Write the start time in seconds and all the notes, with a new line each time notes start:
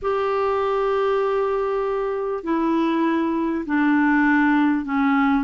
0.02 G4
2.43 E4
3.66 D4
4.85 C#4